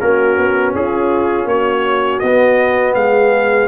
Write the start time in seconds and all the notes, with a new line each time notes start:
0.00 A#3 C#4 F#4 A#4
0.37 B3
0.75 C#4 F4 G#4
1.45 A#3 F#4 C#5
2.19 B3 D#5
2.95 G#3 G#4 F5